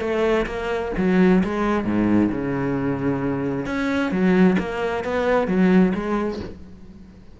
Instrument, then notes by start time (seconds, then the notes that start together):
cello
0.00 A3
0.46 A#3
0.97 F#3
1.44 G#3
1.85 G#2
2.31 C#3
3.65 C#4
4.11 F#3
4.59 A#3
5.04 B3
5.47 F#3
5.94 G#3